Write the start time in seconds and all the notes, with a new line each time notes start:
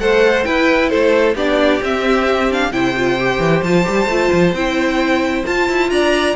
0.00 A3 A4 C5 F#5
0.45 E4 B4 G5
0.90 A3 A4 C5
1.35 B3 D4 G4 D5
1.81 C4 E5
2.52 D4 F5
2.72 C3 E4 C5 G5
2.97 F4
3.20 G4
3.39 E3
3.63 F3 F4 A5
3.84 G3 G4
4.06 A3 F4
4.33 F3
4.53 C4 E4 G5
5.46 F4 A5
5.69 E4
5.91 D4 D5 A#5